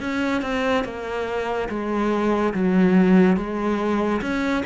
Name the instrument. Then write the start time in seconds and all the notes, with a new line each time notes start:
cello
0.00 C#4
0.41 C4
0.84 A#3
1.69 G#3
2.54 F#3
3.36 G#3
4.21 C#4